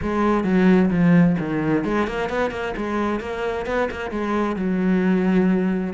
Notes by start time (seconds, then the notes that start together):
0.01 G#3
0.44 F#3
0.90 F3
1.39 D#3
1.84 G#3
2.07 A#3
2.29 B3
2.51 A#3
2.76 G#3
3.20 A#3
3.66 B3
3.91 A#3
4.11 G#3
4.56 F#3